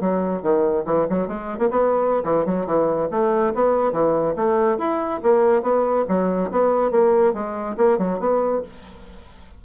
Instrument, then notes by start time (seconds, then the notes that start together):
bassoon
0.00 F#3
0.42 D#3
0.85 E3
1.09 F#3
1.27 G#3
1.58 A#3
1.70 B3
2.24 E3
2.45 F#3
2.66 E3
3.11 A3
3.54 B3
3.92 E3
4.36 A3
4.78 E4
5.23 A#3
5.62 B3
6.08 F#3
6.51 B3
6.91 A#3
7.33 G#3
7.77 A#3
7.98 F#3
8.19 B3